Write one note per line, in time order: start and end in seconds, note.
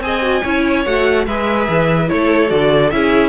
0.00 0.41 C4
0.00 0.21 G#4
0.00 0.42 D#5
0.00 0.84 G#5
0.21 0.42 F#4
0.42 0.86 C#4
0.42 0.86 E4
0.42 1.25 C#5
0.85 1.27 A3
0.85 1.27 F#4
0.85 1.26 F#5
1.26 1.68 G#3
1.26 2.08 G#4
1.26 2.10 B4
1.26 2.09 E5
1.69 2.10 E3
2.08 2.51 A3
2.08 2.48 E4
2.08 2.94 A4
2.08 2.50 C#5
2.48 2.92 D3
2.48 2.89 F#4
2.48 2.90 D5
2.90 3.29 C#4
2.90 3.29 E4
2.90 3.29 G#4
2.90 3.29 E5